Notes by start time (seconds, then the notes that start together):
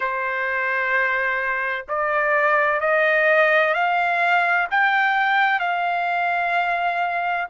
0.00 C5
1.88 D5
2.80 D#5
3.74 F5
4.70 G5
5.60 F5